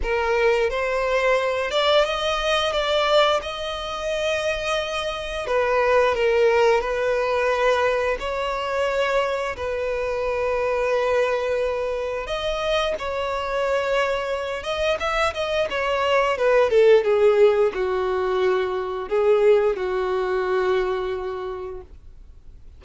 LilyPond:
\new Staff \with { instrumentName = "violin" } { \time 4/4 \tempo 4 = 88 ais'4 c''4. d''8 dis''4 | d''4 dis''2. | b'4 ais'4 b'2 | cis''2 b'2~ |
b'2 dis''4 cis''4~ | cis''4. dis''8 e''8 dis''8 cis''4 | b'8 a'8 gis'4 fis'2 | gis'4 fis'2. | }